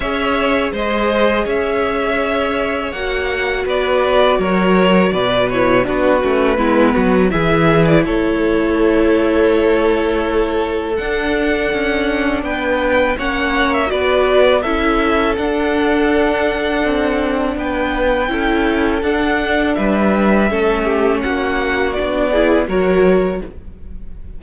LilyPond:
<<
  \new Staff \with { instrumentName = "violin" } { \time 4/4 \tempo 4 = 82 e''4 dis''4 e''2 | fis''4 d''4 cis''4 d''8 cis''8 | b'2 e''8. d''16 cis''4~ | cis''2. fis''4~ |
fis''4 g''4 fis''8. e''16 d''4 | e''4 fis''2. | g''2 fis''4 e''4~ | e''4 fis''4 d''4 cis''4 | }
  \new Staff \with { instrumentName = "violin" } { \time 4/4 cis''4 c''4 cis''2~ | cis''4 b'4 ais'4 b'4 | fis'4 e'8 fis'8 gis'4 a'4~ | a'1~ |
a'4 b'4 cis''4 b'4 | a'1 | b'4 a'2 b'4 | a'8 g'8 fis'4. gis'8 ais'4 | }
  \new Staff \with { instrumentName = "viola" } { \time 4/4 gis'1 | fis'2.~ fis'8 e'8 | d'8 cis'8 b4 e'2~ | e'2. d'4~ |
d'2 cis'4 fis'4 | e'4 d'2.~ | d'4 e'4 d'2 | cis'2 d'8 e'8 fis'4 | }
  \new Staff \with { instrumentName = "cello" } { \time 4/4 cis'4 gis4 cis'2 | ais4 b4 fis4 b,4 | b8 a8 gis8 fis8 e4 a4~ | a2. d'4 |
cis'4 b4 ais4 b4 | cis'4 d'2 c'4 | b4 cis'4 d'4 g4 | a4 ais4 b4 fis4 | }
>>